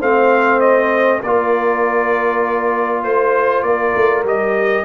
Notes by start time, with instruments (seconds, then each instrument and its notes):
0.00 tuba A3, trombone C4, horn C5, trumpet F5
0.61 trumpet D#5
1.22 tuba A#3, trombone F4, horn A#4, trumpet D5
3.04 tuba A3, trumpet C5, horn C5
3.63 tuba A#3, horn A#4, trumpet D5
3.96 tuba A3
4.25 tuba G3, trombone G4, trumpet D#5